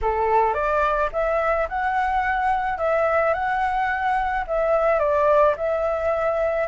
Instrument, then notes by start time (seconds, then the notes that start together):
flute
0.01 A4
0.54 D5
1.12 E5
1.68 F#5
2.78 E5
3.33 F#5
4.47 E5
4.99 D5
5.57 E5